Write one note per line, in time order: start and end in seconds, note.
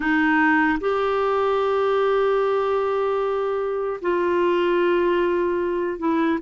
0.00 0.79 D#4
0.80 4.00 G4
4.01 5.99 F4
5.99 6.39 E4